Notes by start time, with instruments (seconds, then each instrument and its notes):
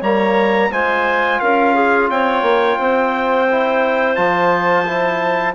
0.00 bassoon G3, trombone A#3, clarinet C#5, trumpet A#5
0.71 bassoon G#3, trombone F4, clarinet C5, trumpet G#5
1.40 bassoon C#4, clarinet A#4, trumpet F5
1.74 clarinet G#4
2.10 bassoon C4, clarinet C#5, trumpet G5
2.42 bassoon A#3
2.79 bassoon C4, clarinet C5
3.51 trombone E4
4.15 bassoon F3, trombone F4, trumpet A5
4.85 trombone E4